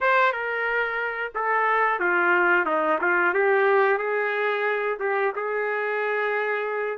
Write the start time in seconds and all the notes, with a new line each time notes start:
0.00 C5
0.32 A#4
1.35 A4
1.99 F4
2.65 D#4
3.01 F4
3.34 G4
3.98 G#4
4.99 G4
5.35 G#4